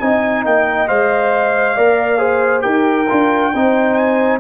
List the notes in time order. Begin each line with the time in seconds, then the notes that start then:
0.00 C4 D#4 D#5 G#5
0.46 A#3 G5
0.88 G#3 C5 F5
1.77 A#3 A#4 D5
2.18 G#4 C5
2.60 D#4 G4 A#4 G5
3.09 D4 F4
3.54 C4 D#4 C5
3.94 G#5